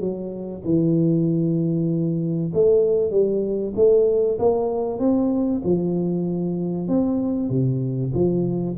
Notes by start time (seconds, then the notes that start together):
0.00 F#3
0.65 E3
2.54 A3
3.11 G3
3.76 A3
4.39 A#3
4.99 C4
5.64 F3
6.88 C4
7.50 C3
8.14 F3